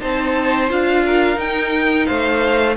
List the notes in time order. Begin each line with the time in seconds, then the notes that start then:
0.00 C4 D#4 C5 A5
0.69 D4 F4 F5
1.06 A#4
1.35 D#4 G5
2.05 A3 C5 F5